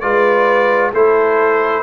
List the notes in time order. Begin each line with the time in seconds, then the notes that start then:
0.00 G#3 F4 B4 D5
0.92 A3 E4 A4 C5